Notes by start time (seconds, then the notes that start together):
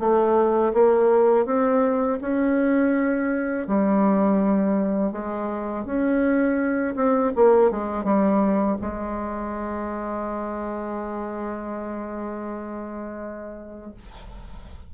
0.00 A3
0.74 A#3
1.46 C4
2.21 C#4
3.68 G3
5.12 G#3
5.85 C#4
6.96 C4
7.35 A#3
7.71 G#3
8.04 G3
8.81 G#3